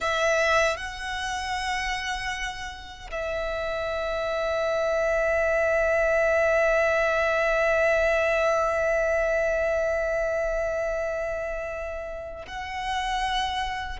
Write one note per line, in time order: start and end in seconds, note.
0.00 0.76 E5
0.76 3.10 F#5
3.10 12.45 E5
12.47 13.99 F#5